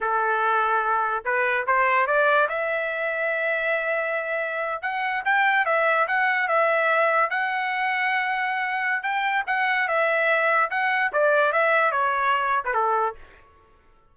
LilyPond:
\new Staff \with { instrumentName = "trumpet" } { \time 4/4 \tempo 4 = 146 a'2. b'4 | c''4 d''4 e''2~ | e''2.~ e''8. fis''16~ | fis''8. g''4 e''4 fis''4 e''16~ |
e''4.~ e''16 fis''2~ fis''16~ | fis''2 g''4 fis''4 | e''2 fis''4 d''4 | e''4 cis''4.~ cis''16 b'16 a'4 | }